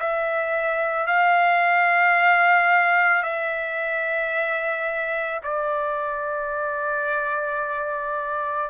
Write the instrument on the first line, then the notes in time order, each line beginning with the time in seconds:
trumpet
0.00 E5
1.07 F5
3.23 E5
5.43 D5